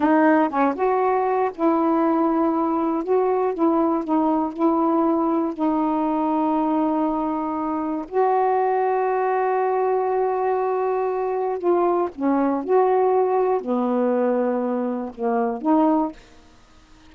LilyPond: \new Staff \with { instrumentName = "saxophone" } { \time 4/4 \tempo 4 = 119 dis'4 cis'8 fis'4. e'4~ | e'2 fis'4 e'4 | dis'4 e'2 dis'4~ | dis'1 |
fis'1~ | fis'2. f'4 | cis'4 fis'2 b4~ | b2 ais4 dis'4 | }